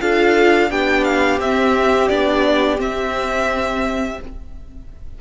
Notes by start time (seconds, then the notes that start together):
0.00 D4 F4 A4 F5
0.70 B3 D4 G4 G5
1.04 F5
1.39 C4 E5
2.08 B3 D4 D5
2.78 C4 E5